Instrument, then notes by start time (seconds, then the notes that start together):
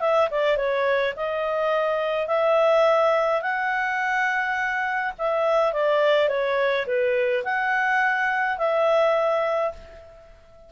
clarinet
0.00 E5
0.30 D5
0.57 C#5
1.16 D#5
2.28 E5
3.42 F#5
5.18 E5
5.73 D5
6.29 C#5
6.87 B4
7.44 F#5
8.58 E5